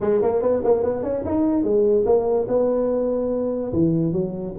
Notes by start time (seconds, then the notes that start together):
0.00 G#3
0.22 A#3
0.41 B3
0.64 A#3
0.83 B3
1.03 C#4
1.25 D#4
1.63 G#3
2.05 A#3
2.48 B3
3.72 E3
4.12 F#3